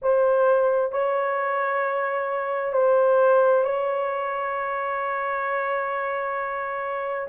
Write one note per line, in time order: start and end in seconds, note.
0.02 0.92 C5
0.92 2.73 C#5
2.73 3.64 C5
3.64 7.27 C#5